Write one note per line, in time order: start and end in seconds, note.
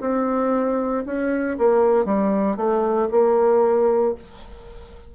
0.00 1.03 C4
1.05 1.57 C#4
1.58 2.05 A#3
2.05 2.56 G3
2.56 3.08 A3
3.11 4.14 A#3